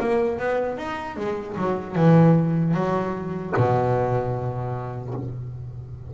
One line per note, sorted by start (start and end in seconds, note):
0.00 0.39 A#3
0.39 0.78 B3
0.78 1.17 D#4
1.17 1.56 G#3
1.57 1.95 F#3
1.95 2.74 E3
2.74 3.53 F#3
3.56 5.14 B2